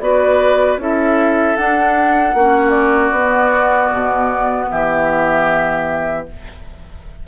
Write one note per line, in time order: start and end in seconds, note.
0.00 0.77 B3
0.00 0.79 F#4
0.00 0.81 B4
0.00 0.79 D5
0.77 1.55 C#4
0.77 1.57 E4
0.77 2.36 A4
0.77 1.56 E5
1.56 2.35 D4
1.56 2.34 D4
1.56 2.70 F#5
2.34 3.11 A#3
2.34 3.16 C#4
2.34 4.70 F#4
2.70 4.65 D5
3.11 3.89 B3
3.11 6.27 B3
3.92 4.70 B2
4.70 6.27 E3
4.70 6.27 G4
4.70 6.26 E5